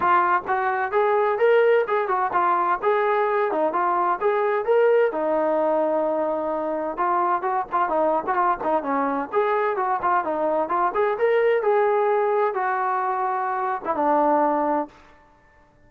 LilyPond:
\new Staff \with { instrumentName = "trombone" } { \time 4/4 \tempo 4 = 129 f'4 fis'4 gis'4 ais'4 | gis'8 fis'8 f'4 gis'4. dis'8 | f'4 gis'4 ais'4 dis'4~ | dis'2. f'4 |
fis'8 f'8 dis'8. fis'16 f'8 dis'8 cis'4 | gis'4 fis'8 f'8 dis'4 f'8 gis'8 | ais'4 gis'2 fis'4~ | fis'4.~ fis'16 e'16 d'2 | }